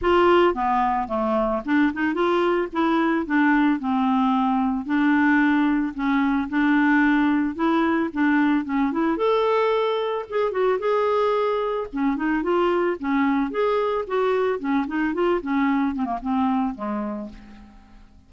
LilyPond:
\new Staff \with { instrumentName = "clarinet" } { \time 4/4 \tempo 4 = 111 f'4 b4 a4 d'8 dis'8 | f'4 e'4 d'4 c'4~ | c'4 d'2 cis'4 | d'2 e'4 d'4 |
cis'8 e'8 a'2 gis'8 fis'8 | gis'2 cis'8 dis'8 f'4 | cis'4 gis'4 fis'4 cis'8 dis'8 | f'8 cis'4 c'16 ais16 c'4 gis4 | }